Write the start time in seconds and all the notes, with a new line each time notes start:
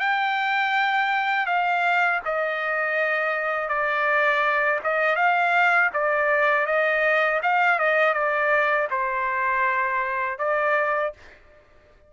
0.00 G5
1.46 F5
2.25 D#5
3.68 D5
4.84 D#5
5.16 F5
5.93 D5
6.66 D#5
7.43 F5
7.79 D#5
8.14 D5
8.91 C5
10.39 D5